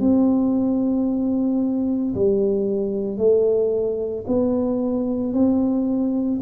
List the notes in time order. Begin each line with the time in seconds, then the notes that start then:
0.00 C4
2.15 G3
3.18 A3
4.28 B3
5.33 C4